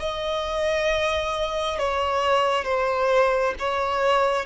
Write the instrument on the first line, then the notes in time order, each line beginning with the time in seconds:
violin
0.00 D#5
1.79 C#5
2.65 C5
3.59 C#5